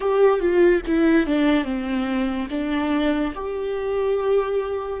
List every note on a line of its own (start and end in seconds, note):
0.00 0.39 G4
0.39 0.81 F4
0.86 1.26 E4
1.26 1.64 D4
1.64 2.47 C4
2.50 3.33 D4
3.34 5.00 G4